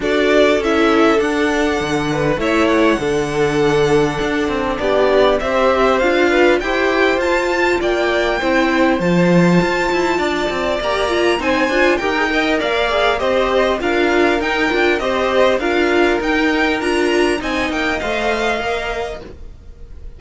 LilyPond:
<<
  \new Staff \with { instrumentName = "violin" } { \time 4/4 \tempo 4 = 100 d''4 e''4 fis''2 | e''8 fis''2.~ fis''8 | d''4 e''4 f''4 g''4 | a''4 g''2 a''4~ |
a''2 ais''4 gis''4 | g''4 f''4 dis''4 f''4 | g''4 dis''4 f''4 g''4 | ais''4 gis''8 g''8 f''2 | }
  \new Staff \with { instrumentName = "violin" } { \time 4/4 a'2.~ a'8 b'8 | cis''4 a'2. | g'4 c''4. b'8 c''4~ | c''4 d''4 c''2~ |
c''4 d''2 c''4 | ais'8 dis''8 d''4 c''4 ais'4~ | ais'4 c''4 ais'2~ | ais'4 dis''2. | }
  \new Staff \with { instrumentName = "viola" } { \time 4/4 fis'4 e'4 d'2 | e'4 d'2.~ | d'4 g'4 f'4 g'4 | f'2 e'4 f'4~ |
f'2 g'8 f'8 dis'8 f'8 | g'16 gis'16 ais'4 gis'8 g'4 f'4 | dis'8 f'8 g'4 f'4 dis'4 | f'4 dis'4 c''4 ais'4 | }
  \new Staff \with { instrumentName = "cello" } { \time 4/4 d'4 cis'4 d'4 d4 | a4 d2 d'8 c'8 | b4 c'4 d'4 e'4 | f'4 ais4 c'4 f4 |
f'8 e'8 d'8 c'8 ais4 c'8 d'8 | dis'4 ais4 c'4 d'4 | dis'8 d'8 c'4 d'4 dis'4 | d'4 c'8 ais8 a4 ais4 | }
>>